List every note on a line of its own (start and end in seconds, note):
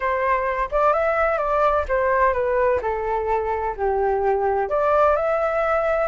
0.00 0.69 C5
0.71 0.93 D5
0.93 1.38 E5
1.38 1.85 D5
1.88 2.33 C5
2.33 2.80 B4
2.81 3.75 A4
3.76 4.69 G4
4.69 5.16 D5
5.16 6.07 E5